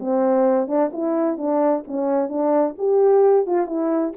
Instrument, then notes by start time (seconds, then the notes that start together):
horn
0.00 C4
0.68 D4
0.93 E4
1.38 D4
1.88 C#4
2.29 D4
2.78 G4
3.47 F4
3.67 E4